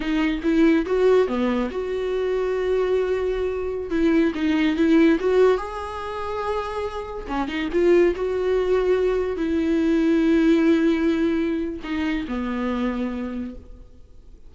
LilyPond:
\new Staff \with { instrumentName = "viola" } { \time 4/4 \tempo 4 = 142 dis'4 e'4 fis'4 b4 | fis'1~ | fis'4~ fis'16 e'4 dis'4 e'8.~ | e'16 fis'4 gis'2~ gis'8.~ |
gis'4~ gis'16 cis'8 dis'8 f'4 fis'8.~ | fis'2~ fis'16 e'4.~ e'16~ | e'1 | dis'4 b2. | }